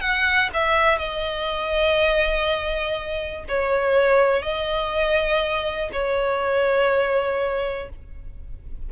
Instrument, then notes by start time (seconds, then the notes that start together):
violin
0.00 F#5
0.53 E5
0.98 D#5
3.48 C#5
4.42 D#5
5.92 C#5